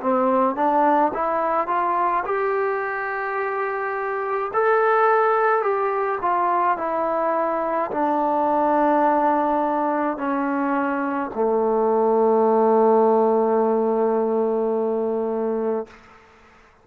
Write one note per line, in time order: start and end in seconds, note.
0.00 0.55 C4
0.55 1.12 D4
1.14 1.67 E4
1.67 2.24 F4
2.25 4.51 G4
4.53 5.62 A4
5.62 6.19 G4
6.22 6.77 F4
6.77 7.90 E4
7.91 10.17 D4
10.17 11.31 C#4
11.34 15.87 A3